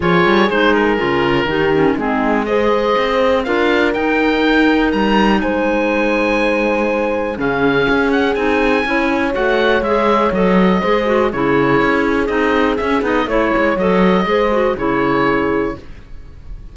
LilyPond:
<<
  \new Staff \with { instrumentName = "oboe" } { \time 4/4 \tempo 4 = 122 cis''4 c''8 ais'2~ ais'8 | gis'4 dis''2 f''4 | g''2 ais''4 gis''4~ | gis''2. f''4~ |
f''8 fis''8 gis''2 fis''4 | e''4 dis''2 cis''4~ | cis''4 dis''4 e''8 dis''8 cis''4 | dis''2 cis''2 | }
  \new Staff \with { instrumentName = "horn" } { \time 4/4 gis'2. g'4 | dis'4 c''2 ais'4~ | ais'2. c''4~ | c''2. gis'4~ |
gis'2 cis''2~ | cis''2 c''4 gis'4~ | gis'2. cis''4~ | cis''4 c''4 gis'2 | }
  \new Staff \with { instrumentName = "clarinet" } { \time 4/4 f'4 dis'4 f'4 dis'8 cis'8 | c'4 gis'2 f'4 | dis'1~ | dis'2. cis'4~ |
cis'4 dis'4 e'4 fis'4 | gis'4 a'4 gis'8 fis'8 e'4~ | e'4 dis'4 cis'8 dis'8 e'4 | a'4 gis'8 fis'8 e'2 | }
  \new Staff \with { instrumentName = "cello" } { \time 4/4 f8 g8 gis4 cis4 dis4 | gis2 c'4 d'4 | dis'2 g4 gis4~ | gis2. cis4 |
cis'4 c'4 cis'4 a4 | gis4 fis4 gis4 cis4 | cis'4 c'4 cis'8 b8 a8 gis8 | fis4 gis4 cis2 | }
>>